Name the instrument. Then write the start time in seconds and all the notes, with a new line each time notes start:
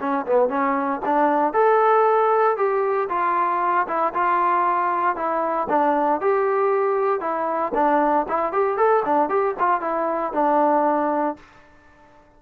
trombone
0.00 C#4
0.26 B3
0.49 C#4
1.05 D4
1.53 A4
2.57 G4
3.09 F4
3.88 E4
4.14 F4
5.16 E4
5.69 D4
6.21 G4
7.21 E4
7.75 D4
8.29 E4
8.53 G4
8.77 A4
9.05 D4
9.29 G4
9.59 F4
9.81 E4
10.33 D4